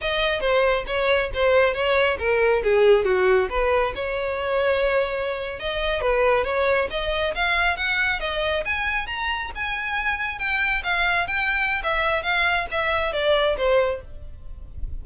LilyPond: \new Staff \with { instrumentName = "violin" } { \time 4/4 \tempo 4 = 137 dis''4 c''4 cis''4 c''4 | cis''4 ais'4 gis'4 fis'4 | b'4 cis''2.~ | cis''8. dis''4 b'4 cis''4 dis''16~ |
dis''8. f''4 fis''4 dis''4 gis''16~ | gis''8. ais''4 gis''2 g''16~ | g''8. f''4 g''4~ g''16 e''4 | f''4 e''4 d''4 c''4 | }